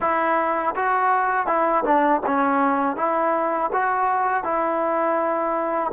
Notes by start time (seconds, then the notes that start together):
0.00 E4
0.75 F#4
1.46 E4
1.84 D4
2.26 C#4
2.96 E4
3.72 F#4
4.43 E4